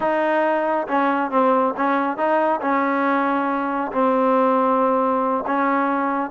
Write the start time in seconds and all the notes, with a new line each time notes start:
0.00 D#4
0.87 C#4
1.30 C4
1.76 C#4
2.17 D#4
2.61 C#4
3.92 C4
5.46 C#4